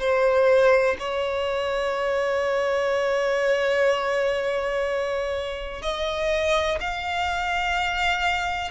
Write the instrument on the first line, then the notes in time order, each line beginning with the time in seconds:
violin
0.00 C5
0.99 C#5
5.82 D#5
6.80 F5